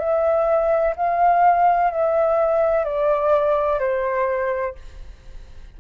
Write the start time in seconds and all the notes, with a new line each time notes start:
0.00 E5
0.97 F5
1.91 E5
2.85 D5
3.80 C5